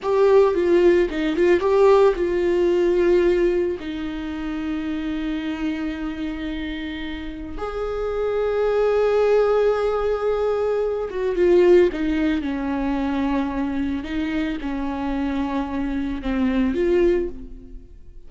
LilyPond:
\new Staff \with { instrumentName = "viola" } { \time 4/4 \tempo 4 = 111 g'4 f'4 dis'8 f'8 g'4 | f'2. dis'4~ | dis'1~ | dis'2 gis'2~ |
gis'1~ | gis'8 fis'8 f'4 dis'4 cis'4~ | cis'2 dis'4 cis'4~ | cis'2 c'4 f'4 | }